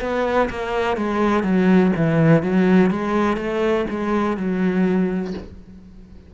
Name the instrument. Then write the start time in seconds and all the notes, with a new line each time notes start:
cello
0.00 B3
0.49 A#3
0.96 G#3
1.43 F#3
1.96 E3
2.42 F#3
2.90 G#3
3.37 A3
3.89 G#3
4.37 F#3